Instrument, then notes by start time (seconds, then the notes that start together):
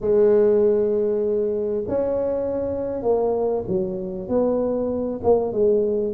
tuba
0.00 G#3
1.88 C#4
3.02 A#3
3.67 F#3
4.28 B3
5.23 A#3
5.52 G#3